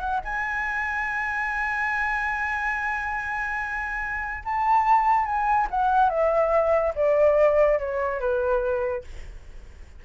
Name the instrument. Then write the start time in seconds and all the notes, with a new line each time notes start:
flute
0.00 F#5
0.24 G#5
4.45 A5
5.25 G#5
5.70 F#5
6.10 E5
6.95 D5
7.79 C#5
8.20 B4